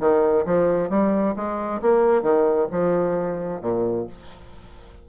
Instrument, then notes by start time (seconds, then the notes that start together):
bassoon
0.00 D#3
0.46 F3
0.90 G3
1.36 G#3
1.82 A#3
2.22 D#3
2.71 F3
3.61 A#2